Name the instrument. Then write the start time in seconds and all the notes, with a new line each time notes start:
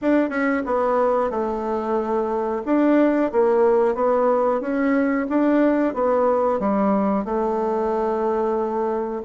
bassoon
0.01 D4
0.29 C#4
0.65 B3
1.30 A3
2.65 D4
3.32 A#3
3.94 B3
4.60 C#4
5.29 D4
5.93 B3
6.59 G3
7.24 A3